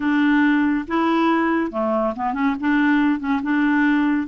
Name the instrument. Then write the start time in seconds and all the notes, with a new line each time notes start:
clarinet
0.00 D4
0.87 E4
1.71 A3
2.15 B3
2.33 C#4
2.59 D4
3.19 C#4
3.42 D4